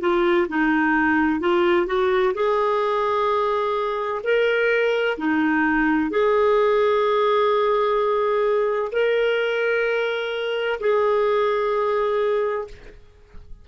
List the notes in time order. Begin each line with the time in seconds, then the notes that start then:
0.00 F4
0.48 D#4
1.40 F4
1.86 F#4
2.34 G#4
4.23 A#4
5.17 D#4
6.10 G#4
8.92 A#4
10.80 G#4